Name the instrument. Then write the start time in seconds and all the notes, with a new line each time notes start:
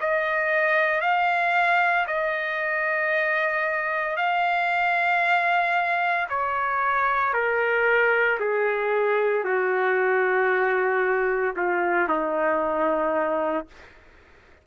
trumpet
0.00 D#5
1.01 F5
2.07 D#5
4.16 F5
6.29 C#5
7.33 A#4
8.40 G#4
9.44 F#4
11.56 F4
12.09 D#4